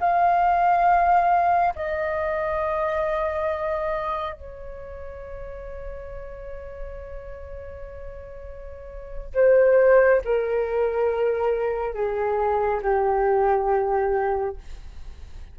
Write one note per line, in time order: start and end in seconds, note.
0.00 1.74 F5
1.75 4.33 D#5
4.33 9.33 C#5
9.34 10.21 C5
10.25 11.93 A#4
11.93 12.80 G#4
12.82 14.56 G4